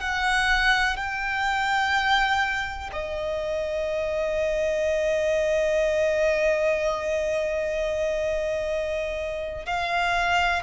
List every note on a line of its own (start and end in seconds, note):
0.00 0.97 F#5
0.97 2.90 G5
2.93 9.66 D#5
9.66 10.62 F5